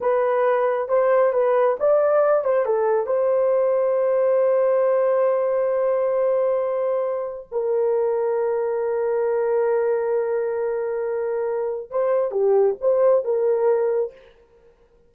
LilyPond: \new Staff \with { instrumentName = "horn" } { \time 4/4 \tempo 4 = 136 b'2 c''4 b'4 | d''4. c''8 a'4 c''4~ | c''1~ | c''1~ |
c''4 ais'2.~ | ais'1~ | ais'2. c''4 | g'4 c''4 ais'2 | }